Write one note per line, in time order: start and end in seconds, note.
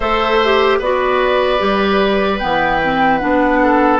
0.00 0.79 A3
0.00 0.41 A4
0.00 0.79 C5
0.00 0.80 E5
0.44 0.82 G4
0.79 1.59 B3
0.79 1.58 F#4
0.79 3.59 B4
0.79 2.39 D5
1.58 2.40 G3
1.58 2.38 G4
2.39 3.22 E3
2.39 2.80 B3
2.39 3.17 G5
2.83 3.20 C4
3.17 4.00 B3
3.17 4.00 D4
3.17 3.97 F#5
3.62 4.00 A4